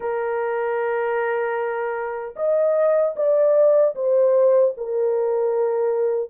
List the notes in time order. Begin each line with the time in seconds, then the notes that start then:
0.00 A#4
2.36 D#5
3.15 D5
3.95 C5
4.77 A#4